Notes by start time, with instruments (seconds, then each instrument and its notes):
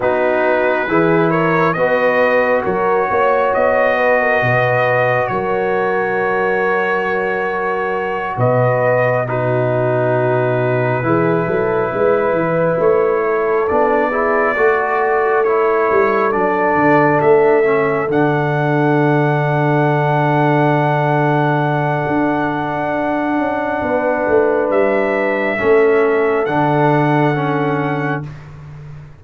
0.00 tuba B3, trombone D#4, horn F#4, trumpet B4
0.87 tuba E3, trombone E4, horn G#4
1.29 horn A#4, trumpet C#5
1.73 tuba B3, trombone F#4, horn B4, trumpet D#5
2.63 tuba F#3, horn A#4, trumpet C#5
3.09 tuba A#3, horn C#5
3.53 tuba B3, trumpet D#5
3.97 horn B4
4.21 horn A#4
4.42 tuba B2, horn B4
5.27 tuba F#3, horn A#4, trumpet C#5
8.37 tuba B2, horn B4, trumpet D#5
9.27 trombone D#4, horn F#4, trumpet B4
11.02 tuba E3, trombone E4, horn G#4
11.46 tuba F#3, horn A4
11.91 tuba G#3, horn B4
12.31 tuba E3
12.78 tuba A3, trumpet C#5
13.25 horn A4
13.67 tuba B3, trombone D4, trumpet D5
14.09 trombone E4, horn G#4
14.56 tuba A3, trombone F#4, horn A4
15.44 trombone E4, trumpet C#5
15.91 tuba G3
16.32 tuba F#3, trombone D4, trumpet D5
16.74 tuba D3
17.21 tuba A3, trumpet E5
17.63 trombone C#4
18.08 tuba D3, trombone D4, trumpet F#5
22.07 tuba D4
23.37 tuba C#4
23.81 tuba B3, horn B4
24.27 tuba A3
24.69 tuba G3, trumpet E5
25.58 tuba A3, trombone C#4, horn A4
26.45 tuba D3, trombone D4, trumpet F#5
27.34 trombone C#4